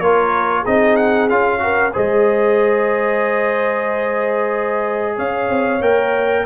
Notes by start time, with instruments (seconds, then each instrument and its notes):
0.00 tuba A#3, trombone F4, horn A#4, trumpet C#5
0.62 tuba C4, trombone D#4, horn G#4, trumpet D#5
0.96 trumpet F#5
1.29 tuba C#4, trombone F4, trumpet F5
1.59 trombone F#4, horn A#4
1.92 tuba G#3, trombone G#4, horn C5, trumpet D#5
5.16 tuba C#4, horn C#5, trumpet F5
5.49 tuba C4
5.81 tuba A#3, trombone A#4, trumpet G5